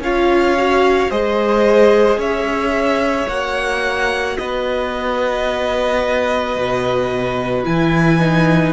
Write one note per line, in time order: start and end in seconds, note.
0.00 1.09 C#4
0.00 0.58 F4
0.00 1.11 C#5
0.00 1.11 F5
0.58 1.11 F#4
1.11 2.18 G#3
1.11 3.28 G#4
1.11 2.19 C5
1.11 2.20 D#5
2.18 3.27 C#4
2.18 4.37 C#5
2.18 3.29 E5
3.28 4.38 A#3
3.28 7.65 F#4
3.28 4.37 F#5
4.37 6.56 B3
4.37 8.73 B4
4.37 7.65 D#5
6.56 7.65 B2
7.65 8.73 E3
7.65 8.19 E4
7.65 8.73 G#5
8.20 8.73 D#4